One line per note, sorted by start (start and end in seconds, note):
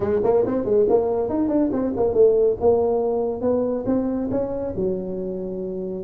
0.00 0.20 G#3
0.23 0.45 A#3
0.46 0.65 C4
0.65 0.86 G#3
0.89 1.29 A#3
1.29 1.48 D#4
1.48 1.70 D4
1.72 1.94 C4
1.96 2.14 A#3
2.14 2.57 A3
2.60 3.41 A#3
3.41 3.84 B3
3.86 4.29 C4
4.30 4.73 C#4
4.76 6.04 F#3